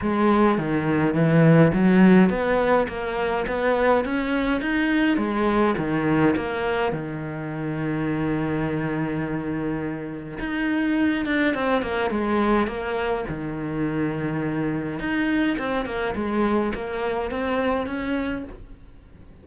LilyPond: \new Staff \with { instrumentName = "cello" } { \time 4/4 \tempo 4 = 104 gis4 dis4 e4 fis4 | b4 ais4 b4 cis'4 | dis'4 gis4 dis4 ais4 | dis1~ |
dis2 dis'4. d'8 | c'8 ais8 gis4 ais4 dis4~ | dis2 dis'4 c'8 ais8 | gis4 ais4 c'4 cis'4 | }